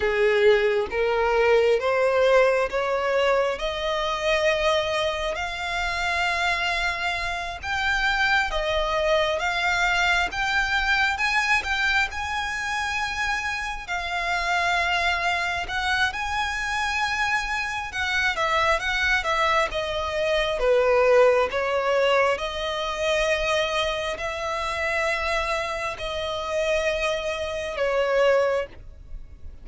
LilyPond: \new Staff \with { instrumentName = "violin" } { \time 4/4 \tempo 4 = 67 gis'4 ais'4 c''4 cis''4 | dis''2 f''2~ | f''8 g''4 dis''4 f''4 g''8~ | g''8 gis''8 g''8 gis''2 f''8~ |
f''4. fis''8 gis''2 | fis''8 e''8 fis''8 e''8 dis''4 b'4 | cis''4 dis''2 e''4~ | e''4 dis''2 cis''4 | }